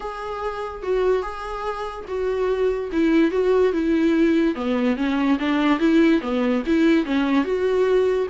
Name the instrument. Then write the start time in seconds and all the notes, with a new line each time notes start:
viola
0.00 G#4
0.83 F#4
1.22 G#4
2.07 F#4
2.92 E4
3.31 F#4
3.73 E4
4.55 B3
4.96 C#4
5.39 D4
5.79 E4
6.21 B3
6.66 E4
7.05 C#4
7.44 F#4